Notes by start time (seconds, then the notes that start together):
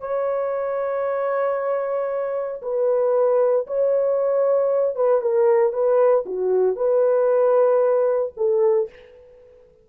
0.00 C#5
2.62 B4
3.67 C#5
4.96 B4
5.21 A#4
5.72 B4
6.26 F#4
6.76 B4
8.37 A4